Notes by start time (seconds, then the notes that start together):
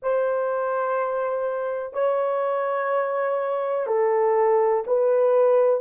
0.02 C5
1.93 C#5
3.86 A4
4.86 B4